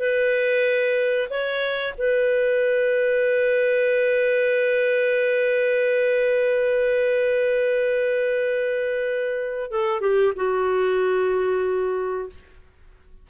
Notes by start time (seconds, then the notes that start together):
0.00 B4
1.30 C#5
1.99 B4
9.72 A4
10.01 G4
10.36 F#4